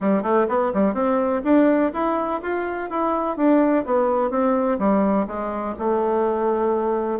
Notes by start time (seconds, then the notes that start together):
0.00 G3
0.22 A3
0.48 B3
0.73 G3
0.94 C4
1.44 D4
1.93 E4
2.42 F4
2.89 E4
3.36 D4
3.85 B3
4.30 C4
4.78 G3
5.27 G#3
5.78 A3